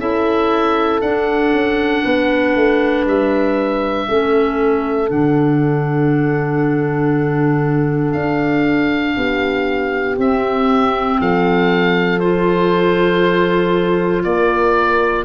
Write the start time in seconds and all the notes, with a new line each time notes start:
0.00 C#4 E4 A4 E5
1.02 D4 F#5
1.53 C#4
2.04 B3 B4
2.56 A3
3.06 G3 E5
4.08 A3 C#4 A4
5.07 D3 D4 F#5
8.13 D4 F5
9.17 B3 G4
10.18 C4 E5
11.20 F3 A4 F5
12.20 F4 C5
14.24 A#3 A#4 D5